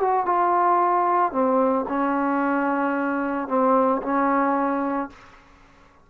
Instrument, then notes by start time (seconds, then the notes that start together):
trombone
0.00 F#4
0.26 F4
1.32 C4
1.88 C#4
3.48 C4
4.03 C#4